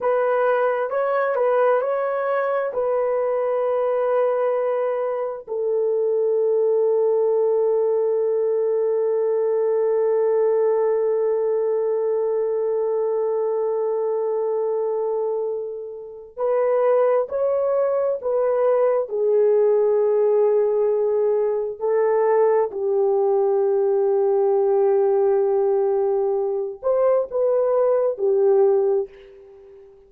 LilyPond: \new Staff \with { instrumentName = "horn" } { \time 4/4 \tempo 4 = 66 b'4 cis''8 b'8 cis''4 b'4~ | b'2 a'2~ | a'1~ | a'1~ |
a'2 b'4 cis''4 | b'4 gis'2. | a'4 g'2.~ | g'4. c''8 b'4 g'4 | }